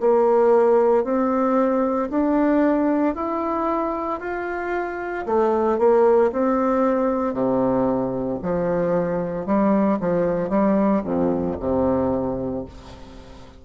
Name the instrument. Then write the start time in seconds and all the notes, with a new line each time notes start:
bassoon
0.00 A#3
1.04 C4
2.10 D4
3.15 E4
4.20 F4
5.26 A3
5.78 A#3
6.32 C4
7.33 C3
8.42 F3
9.46 G3
10.00 F3
10.49 G3
11.04 F2
11.60 C3